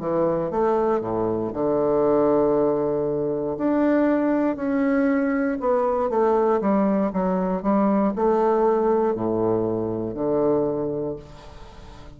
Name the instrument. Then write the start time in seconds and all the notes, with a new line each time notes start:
bassoon
0.00 E3
0.51 A3
1.01 A2
1.53 D3
3.58 D4
4.56 C#4
5.60 B3
6.10 A3
6.61 G3
7.13 F#3
7.62 G3
8.15 A3
9.15 A2
10.14 D3